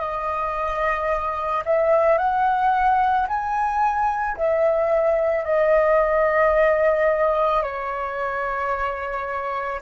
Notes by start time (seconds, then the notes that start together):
0.00 D#5
1.66 E5
2.18 F#5
3.28 G#5
4.37 E5
5.44 D#5
7.63 C#5